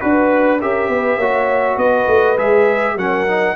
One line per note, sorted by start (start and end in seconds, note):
0.00 0.63 D4
0.00 0.59 F#4
0.00 0.60 B4
0.00 0.61 B4
0.61 0.89 C#4
0.61 1.21 G4
0.61 0.90 A#4
0.61 1.79 E5
0.89 1.17 B3
0.89 1.18 B4
1.17 1.76 A#3
1.17 2.37 F#4
1.17 1.76 C#5
1.76 2.07 B3
1.76 2.95 B4
1.76 2.38 D#5
2.08 2.37 A3
2.37 2.96 G#3
2.37 2.97 G#4
2.37 2.98 E5
2.96 3.56 F#3
2.96 3.27 C#4
2.96 3.56 A#4
2.96 3.56 F#5
3.27 3.56 D#4